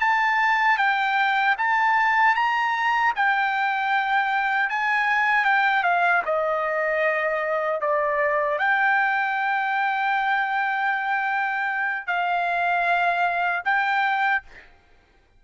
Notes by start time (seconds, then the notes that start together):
0.00 A5
0.78 G5
1.58 A5
2.35 A#5
3.16 G5
4.70 G#5
5.45 G5
5.83 F5
6.26 D#5
7.81 D5
8.59 G5
12.07 F5
13.65 G5